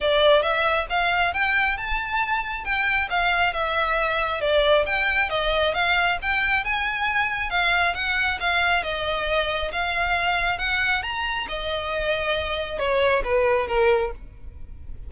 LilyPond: \new Staff \with { instrumentName = "violin" } { \time 4/4 \tempo 4 = 136 d''4 e''4 f''4 g''4 | a''2 g''4 f''4 | e''2 d''4 g''4 | dis''4 f''4 g''4 gis''4~ |
gis''4 f''4 fis''4 f''4 | dis''2 f''2 | fis''4 ais''4 dis''2~ | dis''4 cis''4 b'4 ais'4 | }